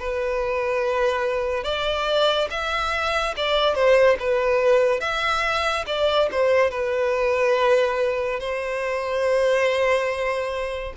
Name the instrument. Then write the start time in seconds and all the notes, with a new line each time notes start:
violin
0.00 B4
1.64 D5
2.50 E5
3.37 D5
3.75 C5
4.20 B4
5.01 E5
5.87 D5
6.32 C5
6.71 B4
8.40 C5